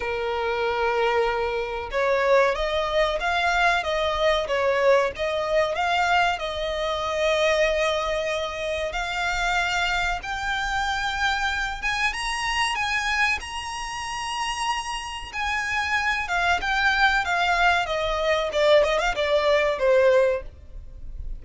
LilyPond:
\new Staff \with { instrumentName = "violin" } { \time 4/4 \tempo 4 = 94 ais'2. cis''4 | dis''4 f''4 dis''4 cis''4 | dis''4 f''4 dis''2~ | dis''2 f''2 |
g''2~ g''8 gis''8 ais''4 | gis''4 ais''2. | gis''4. f''8 g''4 f''4 | dis''4 d''8 dis''16 f''16 d''4 c''4 | }